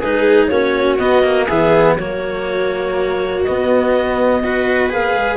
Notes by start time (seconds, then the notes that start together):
0.00 G#3 D#4 G#4 B4
0.48 A#3 C#4 F#4 C#5
0.98 B3 D#5
1.23 A#3
1.47 E3 B3 G#4 E5
1.95 F#3 A#3 F#4 C#5
3.44 B3 D#5
4.44 F#4 B4
4.90 A#3 G#4 F5
5.15 G#3